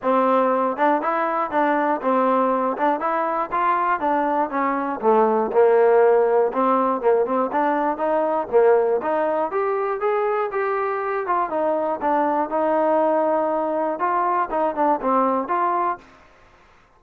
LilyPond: \new Staff \with { instrumentName = "trombone" } { \time 4/4 \tempo 4 = 120 c'4. d'8 e'4 d'4 | c'4. d'8 e'4 f'4 | d'4 cis'4 a4 ais4~ | ais4 c'4 ais8 c'8 d'4 |
dis'4 ais4 dis'4 g'4 | gis'4 g'4. f'8 dis'4 | d'4 dis'2. | f'4 dis'8 d'8 c'4 f'4 | }